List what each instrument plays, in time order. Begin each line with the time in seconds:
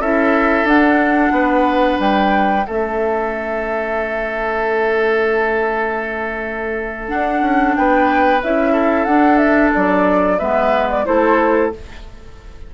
0.00 bassoon C#4, clarinet E4, oboe A4, flute E5
0.65 bassoon D4, clarinet D4, flute F#5
1.32 bassoon B3, oboe B4
1.99 bassoon G3, flute G5
2.63 clarinet C#4, oboe A4, flute E5
2.69 bassoon A3
7.08 clarinet D4, bassoon D4, flute F#5
7.41 bassoon C#4
7.76 bassoon B3, oboe B4, flute G5
8.43 bassoon C#4, clarinet E4, flute E5
8.73 oboe A4
9.05 bassoon D4, clarinet D4, flute F#5
9.37 flute E5
9.74 bassoon F#3, flute D5
10.39 bassoon G#3, clarinet B3, oboe B4, flute E5
10.90 flute D5
11.05 bassoon A3, clarinet E4, oboe A4, flute C5